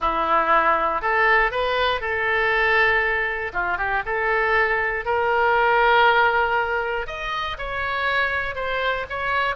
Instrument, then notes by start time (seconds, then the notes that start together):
oboe
0.00 E4
1.01 A4
1.51 B4
2.00 A4
3.53 F4
3.77 G4
4.05 A4
5.05 A#4
7.06 D#5
7.57 C#5
8.55 C5
9.09 C#5